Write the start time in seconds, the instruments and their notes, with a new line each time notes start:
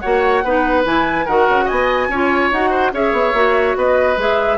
0.00 bassoon A#3, clarinet F#4, oboe C#5, flute F#5
0.44 bassoon B3, clarinet D#4, oboe B4
0.85 bassoon E3, clarinet E4, flute G#5
1.26 bassoon D#3, clarinet F#4, oboe A#4, flute F#5
1.49 bassoon C#3
1.66 bassoon B3, oboe D#5, flute G#5
2.09 bassoon C#4, clarinet F4, oboe C#5
2.52 bassoon D#4, clarinet F#4, flute F#5
2.71 oboe C5
2.93 bassoon C#4, clarinet G#4, oboe C#5, flute E5
3.13 bassoon B3
3.34 bassoon A#3, clarinet F#4
3.77 bassoon B3, oboe B4, flute D#5
4.18 bassoon G#3, clarinet G#4, flute E5